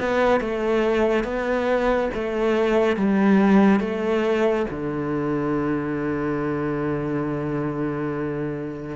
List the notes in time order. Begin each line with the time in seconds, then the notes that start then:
0.00 B3
0.41 A3
1.24 B3
2.14 A3
2.96 G3
3.81 A3
4.71 D3